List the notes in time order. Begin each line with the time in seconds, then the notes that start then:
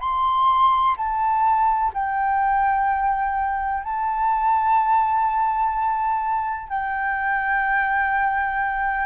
0.00 C6
0.97 A5
1.94 G5
3.83 A5
6.69 G5